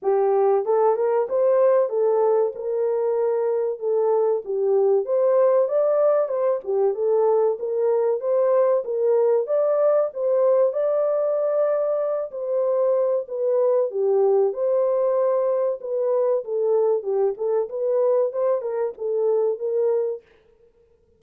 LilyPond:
\new Staff \with { instrumentName = "horn" } { \time 4/4 \tempo 4 = 95 g'4 a'8 ais'8 c''4 a'4 | ais'2 a'4 g'4 | c''4 d''4 c''8 g'8 a'4 | ais'4 c''4 ais'4 d''4 |
c''4 d''2~ d''8 c''8~ | c''4 b'4 g'4 c''4~ | c''4 b'4 a'4 g'8 a'8 | b'4 c''8 ais'8 a'4 ais'4 | }